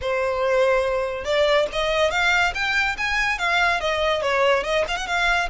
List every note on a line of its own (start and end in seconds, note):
0.01 1.24 C5
1.24 1.66 D5
1.72 2.10 D#5
2.10 2.53 F5
2.54 2.96 G5
2.97 3.38 G#5
3.38 3.80 F5
3.80 4.22 D#5
4.22 4.63 C#5
4.63 4.84 D#5
4.88 4.96 F5
4.96 5.06 F#5
5.06 5.49 F5